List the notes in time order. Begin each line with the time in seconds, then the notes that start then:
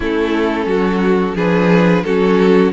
0.00 A3 C#4 E4 A4
0.65 F#3 F#4
1.35 F3 D4 G#4 B4
2.03 F#3 C#4 F#4 A4